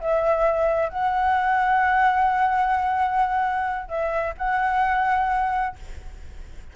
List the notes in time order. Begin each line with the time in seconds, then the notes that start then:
0.00 E5
0.89 F#5
3.88 E5
4.37 F#5